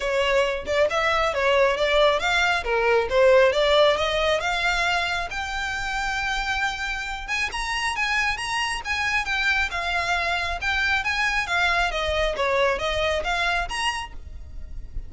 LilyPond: \new Staff \with { instrumentName = "violin" } { \time 4/4 \tempo 4 = 136 cis''4. d''8 e''4 cis''4 | d''4 f''4 ais'4 c''4 | d''4 dis''4 f''2 | g''1~ |
g''8 gis''8 ais''4 gis''4 ais''4 | gis''4 g''4 f''2 | g''4 gis''4 f''4 dis''4 | cis''4 dis''4 f''4 ais''4 | }